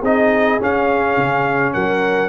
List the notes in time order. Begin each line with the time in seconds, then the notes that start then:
0.00 C4 D#4 G#4 D#5
0.60 C#4 F5
1.17 C#3
1.74 F#3 A#4 F#5